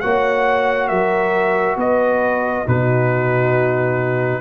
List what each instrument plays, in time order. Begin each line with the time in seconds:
0.00 tuba A#3, trombone F#4, horn C#5, trumpet F#5
0.88 tuba F#3, horn A#4, trumpet E5
1.76 tuba B3, horn B4, trumpet D#5
2.66 tuba B2, trombone D#4, horn F#4, trumpet B4